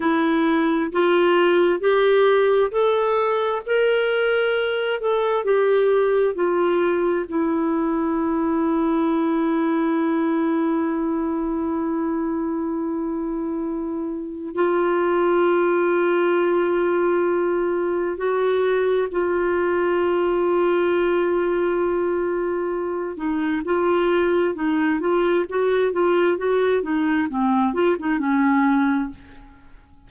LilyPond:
\new Staff \with { instrumentName = "clarinet" } { \time 4/4 \tempo 4 = 66 e'4 f'4 g'4 a'4 | ais'4. a'8 g'4 f'4 | e'1~ | e'1 |
f'1 | fis'4 f'2.~ | f'4. dis'8 f'4 dis'8 f'8 | fis'8 f'8 fis'8 dis'8 c'8 f'16 dis'16 cis'4 | }